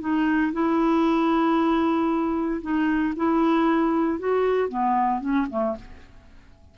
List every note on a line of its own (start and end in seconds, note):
0.00 0.52 D#4
0.52 2.61 E4
2.61 3.14 D#4
3.16 4.19 E4
4.19 4.68 F#4
4.68 5.21 B3
5.21 5.47 C#4
5.50 5.76 A3